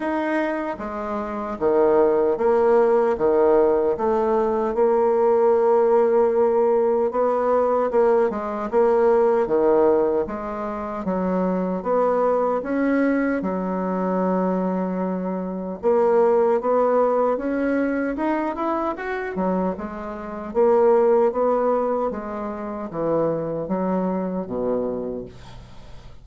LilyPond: \new Staff \with { instrumentName = "bassoon" } { \time 4/4 \tempo 4 = 76 dis'4 gis4 dis4 ais4 | dis4 a4 ais2~ | ais4 b4 ais8 gis8 ais4 | dis4 gis4 fis4 b4 |
cis'4 fis2. | ais4 b4 cis'4 dis'8 e'8 | fis'8 fis8 gis4 ais4 b4 | gis4 e4 fis4 b,4 | }